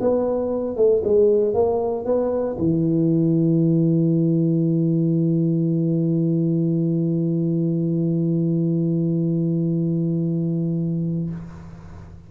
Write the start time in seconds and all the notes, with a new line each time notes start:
0.00 B3
0.76 A3
1.03 G#3
1.54 A#3
2.05 B3
2.58 E3